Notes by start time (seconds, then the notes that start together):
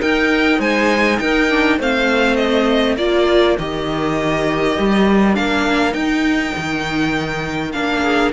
0.00 D#4 A#4 G5
0.59 G#3 C5 G#5
1.19 D#4 A#4 G5
1.49 D4
1.79 A3 C4 C5 F5
2.36 D#5
2.97 A#3 F4 A#4 D5
3.59 D#3 G4 D#5
4.78 G3
5.34 A#3 D4 F5
5.92 D#4 G5
6.57 D#3
7.72 A#3 D4 F5
8.01 G#4